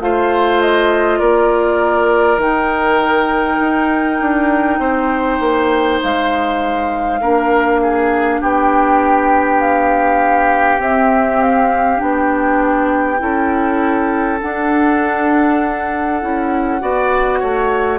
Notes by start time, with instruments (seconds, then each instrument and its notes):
0.00 bassoon A3, clarinet F4, oboe C5, flute F5
0.61 flute D#5
1.19 bassoon A#3, oboe A#4, flute D5
2.37 bassoon D#3, clarinet D#4, flute G5
3.60 bassoon D#4
4.20 bassoon D4
4.79 bassoon C4, oboe C5
5.40 bassoon A#3
6.03 bassoon G#3, flute F5
7.21 bassoon A#3, clarinet D4, oboe A#4
7.82 oboe G#4
8.40 bassoon B3, oboe G4, flute G5
9.60 flute F5
10.78 clarinet C4, bassoon C4, flute E5
11.41 flute F5
11.96 bassoon B3, clarinet D4, flute G5
13.18 bassoon C#4, clarinet E4, oboe A4
14.41 clarinet D4, bassoon D4, flute F#5
16.21 bassoon C#4, clarinet E4
16.80 bassoon B3, clarinet F#4, oboe D5
17.39 bassoon A3, oboe C#5